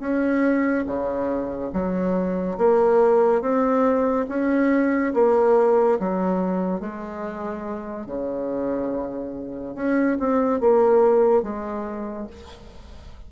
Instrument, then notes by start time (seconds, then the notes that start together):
bassoon
0.00 C#4
0.87 C#3
1.73 F#3
2.58 A#3
3.41 C4
4.29 C#4
5.14 A#3
6.00 F#3
6.81 G#3
8.06 C#3
9.75 C#4
10.19 C4
10.61 A#3
11.43 G#3